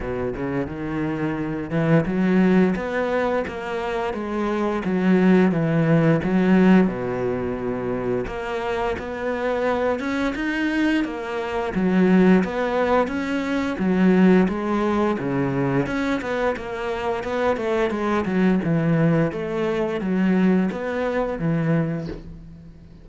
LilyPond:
\new Staff \with { instrumentName = "cello" } { \time 4/4 \tempo 4 = 87 b,8 cis8 dis4. e8 fis4 | b4 ais4 gis4 fis4 | e4 fis4 b,2 | ais4 b4. cis'8 dis'4 |
ais4 fis4 b4 cis'4 | fis4 gis4 cis4 cis'8 b8 | ais4 b8 a8 gis8 fis8 e4 | a4 fis4 b4 e4 | }